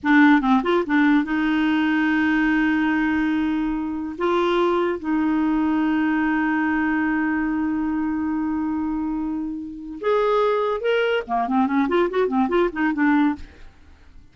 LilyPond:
\new Staff \with { instrumentName = "clarinet" } { \time 4/4 \tempo 4 = 144 d'4 c'8 f'8 d'4 dis'4~ | dis'1~ | dis'2 f'2 | dis'1~ |
dis'1~ | dis'1 | gis'2 ais'4 ais8 c'8 | cis'8 f'8 fis'8 c'8 f'8 dis'8 d'4 | }